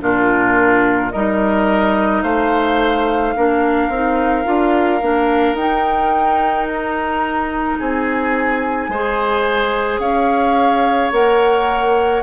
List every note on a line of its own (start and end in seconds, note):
0.00 1.13 A#2
0.00 1.11 D4
0.00 1.13 F4
0.00 1.11 A#4
1.11 2.23 G3
1.11 3.36 D#4
1.11 2.23 A#4
1.11 2.22 D#5
2.22 3.34 A3
2.22 3.34 C5
2.22 5.56 F5
3.36 3.89 A#3
3.36 3.92 D4
3.36 7.79 A#4
3.89 4.44 C4
3.89 4.44 D#4
4.44 5.02 D4
4.44 5.00 F4
5.01 5.53 A#3
5.01 5.57 D4
5.53 7.76 D#4
5.53 8.91 D#4
5.53 6.67 G5
6.68 7.79 A#5
7.79 8.88 C4
7.79 8.90 G#4
7.79 10.00 G#5
8.88 9.99 G#3
8.88 11.12 G#4
8.88 10.01 C5
9.99 11.10 C#4
9.99 12.23 C#5
9.99 11.11 F5
11.12 12.23 A#3
11.12 12.23 A#4
11.12 12.23 F#5